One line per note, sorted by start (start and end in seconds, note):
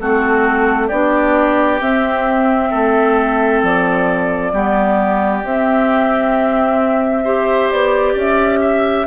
0.00 0.91 A3
0.00 0.91 C4
0.00 0.87 F#4
0.00 0.89 A4
0.87 1.81 B3
0.87 1.81 D4
0.87 2.69 G4
0.87 1.80 D5
1.81 4.53 C4
1.81 2.72 C4
1.81 3.63 E5
2.71 3.63 A3
2.71 4.52 A4
3.63 4.53 F3
3.63 5.45 D5
4.53 5.44 G3
4.53 5.44 B3
4.53 7.24 G4
5.44 7.71 C4
5.44 7.25 C4
5.44 7.71 E5
7.24 9.07 G4
7.24 8.13 C5
7.71 8.15 B3
7.71 8.17 D5
8.13 9.06 C#4
8.13 8.59 D5
8.20 9.08 E5
8.61 9.07 E5